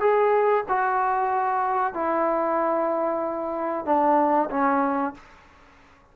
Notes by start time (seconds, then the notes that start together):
0.00 G#4
0.68 F#4
1.94 E4
3.85 D4
4.50 C#4